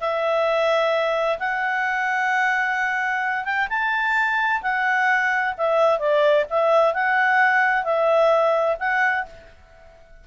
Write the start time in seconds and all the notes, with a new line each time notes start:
0.00 E5
1.39 F#5
3.44 G5
3.69 A5
4.62 F#5
5.57 E5
5.99 D5
6.50 E5
6.94 F#5
7.84 E5
8.79 F#5